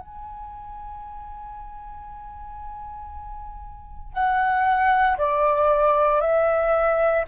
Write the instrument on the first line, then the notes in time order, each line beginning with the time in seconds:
flute
0.00 G#5
4.13 F#5
5.18 D5
6.21 E5